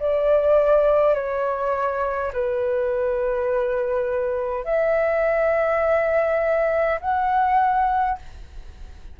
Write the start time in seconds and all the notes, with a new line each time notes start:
0.00 D5
1.14 C#5
2.33 B4
4.65 E5
7.01 F#5